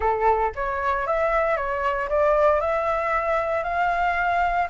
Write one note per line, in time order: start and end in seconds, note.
0.00 0.52 A4
0.55 1.06 C#5
1.06 1.57 E5
1.57 2.09 C#5
2.09 2.60 D5
2.60 3.63 E5
3.63 4.68 F5